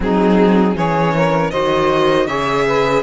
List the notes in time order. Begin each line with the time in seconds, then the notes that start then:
0.00 F#3 C4 D#4 G#4
0.75 E3 C#4 G#4 C#5
1.16 A#4
1.50 D#3 F#4 C5 D#5
2.26 C#3 G#4 C#5 E5
2.67 B4